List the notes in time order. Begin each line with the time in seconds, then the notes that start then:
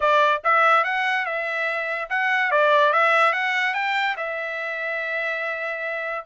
0.00 D5
0.44 E5
0.84 F#5
1.25 E5
2.09 F#5
2.51 D5
2.92 E5
3.32 F#5
3.73 G5
4.17 E5